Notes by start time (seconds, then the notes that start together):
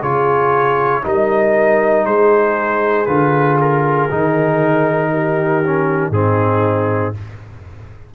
0.00 C#3 F4 G#4 C#5
1.03 G3 D#4 A#4 D#5
2.05 G#3 G#4 C5
3.06 D3 F4 B4
3.61 A#4
4.11 D#3 D#4
5.11 G4
5.64 C#4
6.10 G#2 C4 D#4 G#4